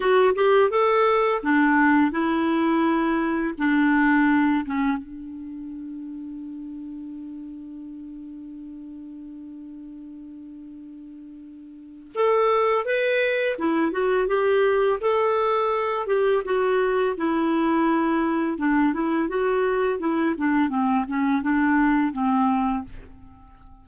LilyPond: \new Staff \with { instrumentName = "clarinet" } { \time 4/4 \tempo 4 = 84 fis'8 g'8 a'4 d'4 e'4~ | e'4 d'4. cis'8 d'4~ | d'1~ | d'1~ |
d'4 a'4 b'4 e'8 fis'8 | g'4 a'4. g'8 fis'4 | e'2 d'8 e'8 fis'4 | e'8 d'8 c'8 cis'8 d'4 c'4 | }